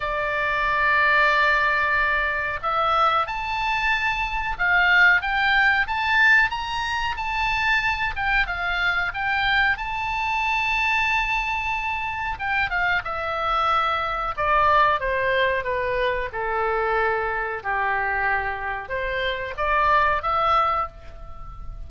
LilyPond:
\new Staff \with { instrumentName = "oboe" } { \time 4/4 \tempo 4 = 92 d''1 | e''4 a''2 f''4 | g''4 a''4 ais''4 a''4~ | a''8 g''8 f''4 g''4 a''4~ |
a''2. g''8 f''8 | e''2 d''4 c''4 | b'4 a'2 g'4~ | g'4 c''4 d''4 e''4 | }